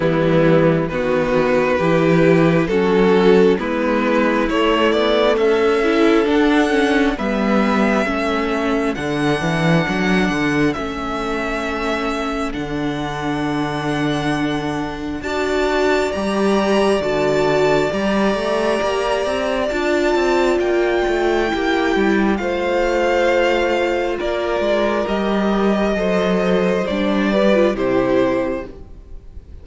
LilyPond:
<<
  \new Staff \with { instrumentName = "violin" } { \time 4/4 \tempo 4 = 67 e'4 b'2 a'4 | b'4 cis''8 d''8 e''4 fis''4 | e''2 fis''2 | e''2 fis''2~ |
fis''4 a''4 ais''4 a''4 | ais''2 a''4 g''4~ | g''4 f''2 d''4 | dis''2 d''4 c''4 | }
  \new Staff \with { instrumentName = "violin" } { \time 4/4 b4 fis'4 g'4 fis'4 | e'2 a'2 | b'4 a'2.~ | a'1~ |
a'4 d''2.~ | d''1 | g'4 c''2 ais'4~ | ais'4 c''4. b'8 g'4 | }
  \new Staff \with { instrumentName = "viola" } { \time 4/4 g4 b4 e'4 cis'4 | b4 a4. e'8 d'8 cis'8 | b4 cis'4 d'2 | cis'2 d'2~ |
d'4 fis'4 g'4 fis'4 | g'2 f'2 | e'4 f'2. | g'4 a'4 d'8 g'16 f'16 e'4 | }
  \new Staff \with { instrumentName = "cello" } { \time 4/4 e4 dis4 e4 fis4 | gis4 a8 b8 cis'4 d'4 | g4 a4 d8 e8 fis8 d8 | a2 d2~ |
d4 d'4 g4 d4 | g8 a8 ais8 c'8 d'8 c'8 ais8 a8 | ais8 g8 a2 ais8 gis8 | g4 fis4 g4 c4 | }
>>